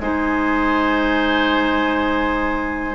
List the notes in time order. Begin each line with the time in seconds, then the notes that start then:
0.00 G#3 D#4 C5 G#5